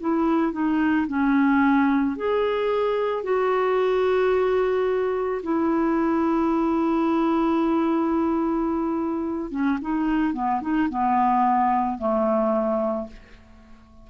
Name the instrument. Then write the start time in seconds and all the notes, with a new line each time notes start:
clarinet
0.00 E4
0.52 D#4
1.07 C#4
2.16 G#4
3.23 F#4
5.42 E4
9.51 C#4
9.81 D#4
10.33 B3
10.61 D#4
10.89 B3
11.98 A3